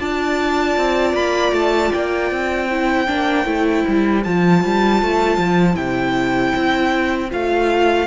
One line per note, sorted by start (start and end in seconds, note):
0.00 0.77 D4
0.00 2.69 F4
0.00 2.68 D5
0.00 1.16 A5
0.77 1.14 C4
1.14 1.53 A#3
1.14 1.54 B5
1.53 1.91 A3
1.53 1.93 A5
1.93 2.32 A#3
1.93 4.24 G5
2.32 3.09 C4
2.68 3.08 E4
2.68 8.07 C5
3.08 3.46 A#3
3.08 3.45 D4
3.45 3.84 A3
3.45 4.22 E4
3.88 4.26 G3
4.24 4.64 F3
4.24 5.74 F4
4.24 5.76 A5
4.65 5.03 G3
5.03 5.38 A3
5.38 5.76 F3
5.74 6.53 C3
5.74 7.28 E4
5.74 7.30 G5
6.56 7.33 C4
7.31 8.07 A3
7.31 8.07 F4
7.31 8.07 F5